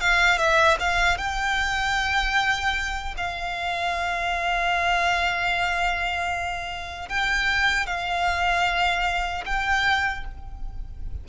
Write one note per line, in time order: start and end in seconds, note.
0.00 0.37 F5
0.37 0.77 E5
0.79 1.17 F5
1.17 3.14 G5
3.17 7.08 F5
7.08 7.86 G5
7.86 9.44 F5
9.45 10.24 G5